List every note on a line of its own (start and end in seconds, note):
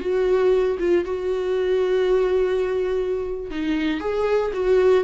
0.00 0.78 F#4
0.79 1.04 F4
1.04 3.50 F#4
3.50 4.00 D#4
4.00 4.52 G#4
4.53 5.04 F#4